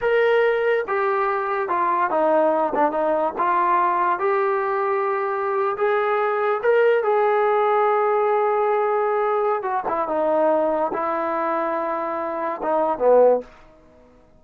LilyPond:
\new Staff \with { instrumentName = "trombone" } { \time 4/4 \tempo 4 = 143 ais'2 g'2 | f'4 dis'4. d'8 dis'4 | f'2 g'2~ | g'4.~ g'16 gis'2 ais'16~ |
ais'8. gis'2.~ gis'16~ | gis'2. fis'8 e'8 | dis'2 e'2~ | e'2 dis'4 b4 | }